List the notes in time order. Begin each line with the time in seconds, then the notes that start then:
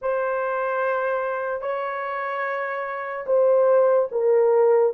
0.01 C5
1.61 C#5
3.26 C5
4.11 A#4